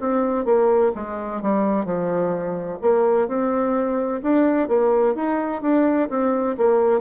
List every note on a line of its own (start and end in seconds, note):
0.00 0.45 C4
0.45 0.92 A#3
0.95 1.41 G#3
1.41 1.85 G3
1.85 2.79 F3
2.81 3.28 A#3
3.28 4.21 C4
4.22 4.68 D4
4.68 5.15 A#3
5.15 5.62 D#4
5.62 6.09 D4
6.09 6.56 C4
6.57 7.01 A#3